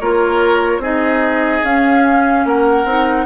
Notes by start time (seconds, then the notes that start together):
0.00 A#3 F4 A#4 C#5
0.79 C4 D#4 G#4 D#5
1.64 C#4 F5
2.45 A#3 A#4 F#5
2.85 C4 D#4